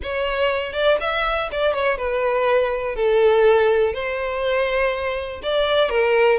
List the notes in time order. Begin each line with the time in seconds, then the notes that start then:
0.02 C#5
0.72 D5
1.00 E5
1.51 D5
1.73 C#5
1.97 B4
2.95 A4
3.93 C5
5.42 D5
5.89 A#4